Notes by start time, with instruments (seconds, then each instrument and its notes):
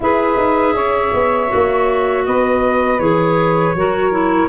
0.00 tuba E4, clarinet G#4, saxophone B4, flute E5
0.37 tuba D#4
0.74 tuba C#4, saxophone C#5
1.13 tuba B3
1.48 tuba A#3, clarinet F#4
2.25 tuba B3, saxophone B4, flute D#5
2.99 tuba E3, clarinet G#4, flute C#5
3.74 tuba F#3, clarinet F#4, saxophone A#4
4.11 clarinet E4